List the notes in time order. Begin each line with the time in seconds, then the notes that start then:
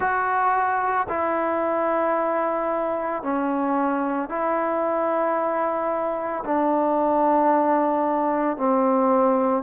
0.00 F#4
1.08 E4
3.22 C#4
4.29 E4
6.44 D4
8.57 C4